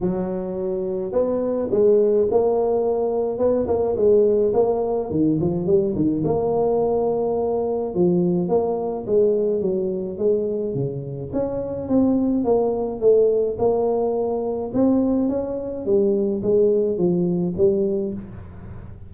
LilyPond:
\new Staff \with { instrumentName = "tuba" } { \time 4/4 \tempo 4 = 106 fis2 b4 gis4 | ais2 b8 ais8 gis4 | ais4 dis8 f8 g8 dis8 ais4~ | ais2 f4 ais4 |
gis4 fis4 gis4 cis4 | cis'4 c'4 ais4 a4 | ais2 c'4 cis'4 | g4 gis4 f4 g4 | }